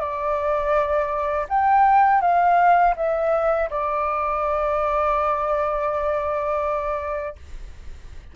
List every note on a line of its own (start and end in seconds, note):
0.00 1.46 D5
1.49 2.21 G5
2.21 2.94 F5
2.96 3.70 E5
3.70 7.36 D5